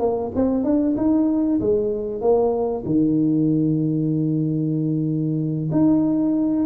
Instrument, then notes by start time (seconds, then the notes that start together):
tuba
0.00 A#3
0.35 C4
0.64 D4
0.97 D#4
1.60 G#3
2.21 A#3
2.86 D#3
5.72 D#4